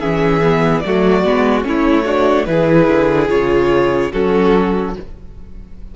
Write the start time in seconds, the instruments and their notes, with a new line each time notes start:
0.00 cello E3, viola C#4, violin G#4 E5
0.43 viola B3
0.80 cello F#3, viola A3, violin F#4 D5
1.24 cello G#3, viola B3
1.63 cello A3, viola C#4, violin E4 C#5
2.05 viola D4, violin F#4
2.45 cello E3, viola E4, violin G#4 B4
2.88 cello D3
3.29 cello C#3, viola F4, violin C#5
4.12 cello F#3, viola C#4, violin F#4 A4